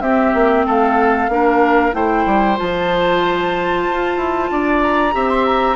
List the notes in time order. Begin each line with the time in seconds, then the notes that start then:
0.00 C4 G4 E5
0.34 A#3
0.66 A3 A4 F5
1.28 A#3 D4 A#4
1.92 A3 E4 C5 G5
2.26 G3
2.56 F3 F4 A5
3.87 F4
4.17 E4
4.51 D4 D5
4.82 A#5
5.12 C4 G4 E5
5.28 C6
5.45 A#5